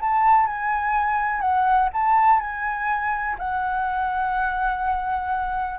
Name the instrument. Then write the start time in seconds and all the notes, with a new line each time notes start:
flute
0.00 A5
0.46 G#5
1.41 F#5
1.93 A5
2.40 G#5
3.38 F#5